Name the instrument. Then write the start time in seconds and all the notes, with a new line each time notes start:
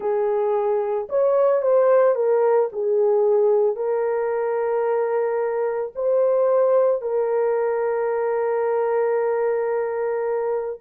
horn
0.00 G#4
1.09 C#5
1.62 C5
2.15 A#4
2.72 G#4
3.75 A#4
5.95 C5
7.01 A#4